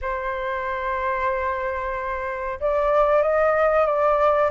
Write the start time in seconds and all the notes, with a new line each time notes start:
0.01 C5
2.60 D5
3.22 D#5
3.85 D5